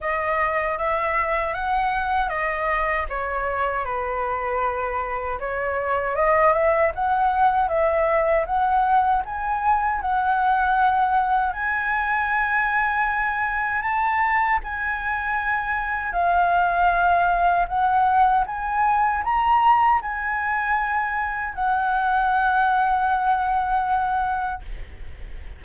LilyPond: \new Staff \with { instrumentName = "flute" } { \time 4/4 \tempo 4 = 78 dis''4 e''4 fis''4 dis''4 | cis''4 b'2 cis''4 | dis''8 e''8 fis''4 e''4 fis''4 | gis''4 fis''2 gis''4~ |
gis''2 a''4 gis''4~ | gis''4 f''2 fis''4 | gis''4 ais''4 gis''2 | fis''1 | }